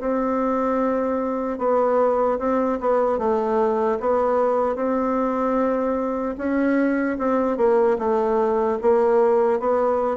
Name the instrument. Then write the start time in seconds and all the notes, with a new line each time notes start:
bassoon
0.00 C4
1.59 B3
2.39 C4
2.80 B3
3.19 A3
4.00 B3
4.76 C4
6.38 C#4
7.19 C4
7.57 A#3
7.99 A3
8.82 A#3
9.60 B3